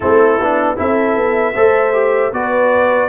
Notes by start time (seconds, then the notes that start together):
0.00 A3 C4 E4 A4
0.39 B3 D4
0.76 C4 E4 A4 E5
1.15 B3
1.54 A3 A4 C5
1.93 G4
2.32 B3 F#4 B4 D5